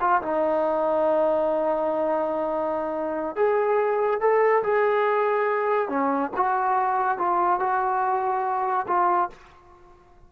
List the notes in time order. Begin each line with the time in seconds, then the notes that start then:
0.00 F4
0.22 D#4
3.36 G#4
4.20 A4
4.63 G#4
5.88 C#4
6.36 F#4
7.18 F4
7.59 F#4
8.87 F4